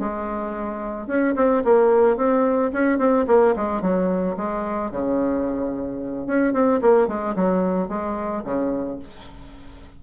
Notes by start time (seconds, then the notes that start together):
0.00 G#3
1.08 C#4
1.36 C4
1.65 A#3
2.17 C4
2.73 C#4
2.99 C4
3.28 A#3
3.56 G#3
3.82 F#3
4.37 G#3
4.92 C#3
6.27 C#4
6.54 C4
6.82 A#3
7.08 G#3
7.36 F#3
7.89 G#3
8.45 C#3